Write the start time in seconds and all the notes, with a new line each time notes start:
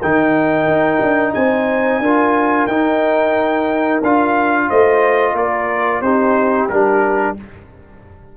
0.00 D#3 D#4 A#4 G5
0.67 D#4
1.01 D4
1.34 C4 C5 G#5
2.00 D4 F4 A#4
2.67 D#4 G5
4.03 D4 F4 F5
4.69 A3 C5 D#5
5.34 A#3 A#4 D5
6.01 C4 D#4 G4 C5
6.69 G3 D4 A#4